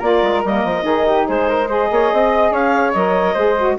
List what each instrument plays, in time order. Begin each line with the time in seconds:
0.00 bassoon A#3, saxophone F4, flute A#4, clarinet D5
0.23 bassoon G#3
0.45 bassoon G3, saxophone A#3, clarinet D#5
0.65 bassoon F3
0.83 bassoon D#3, saxophone D#4, flute G#4
1.07 flute G4
1.28 bassoon G#3, flute G#4, clarinet C5
1.49 flute A#4
1.68 saxophone G#4, flute C5, clarinet D#5
1.91 bassoon A#3, flute C#5
2.13 bassoon C4, flute D#5
2.51 bassoon C#4, flute C#5, clarinet F5
2.93 bassoon F#3, saxophone A#4, clarinet D#5
3.34 bassoon G#3, saxophone G#4, flute C5
3.59 saxophone F#4